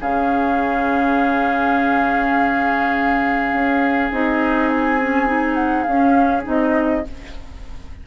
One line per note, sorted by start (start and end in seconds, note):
0.00 3.53 C#3
0.00 4.11 C#4
0.00 7.06 G#4
0.00 4.12 F5
3.53 4.11 C#4
4.11 5.87 C4
4.11 5.00 D#4
4.11 4.69 D#5
4.69 5.54 G#5
5.00 5.27 C#4
5.27 5.85 D#4
5.54 5.83 F#5
5.83 6.46 C#4
5.83 6.42 F5
5.90 6.43 C#4
6.43 7.06 C4
6.43 7.02 D#4
6.43 7.07 D#5